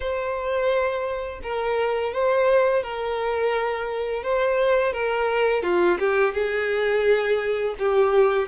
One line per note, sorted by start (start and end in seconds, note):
0.00 1.40 C5
1.42 2.13 A#4
2.13 2.83 C5
2.83 4.23 A#4
4.23 4.92 C5
4.92 5.62 A#4
5.62 5.98 F4
5.99 6.34 G4
6.34 7.75 G#4
7.78 8.48 G4